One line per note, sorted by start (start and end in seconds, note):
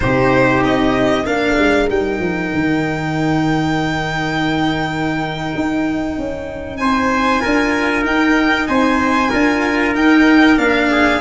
0.00 0.63 C3
0.00 1.24 D#4
0.00 1.27 G4
0.00 0.63 C5
0.63 1.26 C4
0.63 1.26 D#5
1.25 1.57 A#3
1.25 1.88 D4
1.25 6.79 A#4
1.25 1.89 F5
1.58 1.89 G#3
1.89 2.19 G3
1.89 7.40 D#4
1.89 6.77 G5
2.19 2.51 F3
2.54 5.54 D#3
5.55 6.18 D#4
6.18 6.79 C#4
6.77 7.42 C4
6.77 7.41 C5
6.77 8.03 G#5
7.40 8.04 D4
7.40 8.02 F4
7.40 8.67 A#4
8.02 9.28 D#4
8.02 8.67 D#4
8.02 8.67 G5
8.67 9.32 C4
8.67 9.30 C5
8.67 9.93 G#5
9.30 9.95 D4
9.30 9.94 F4
9.30 10.88 A#4
9.94 10.57 D#4
9.94 10.58 G5
10.57 11.20 A#3
10.57 11.20 D4
10.57 11.21 F5
10.90 11.21 G#4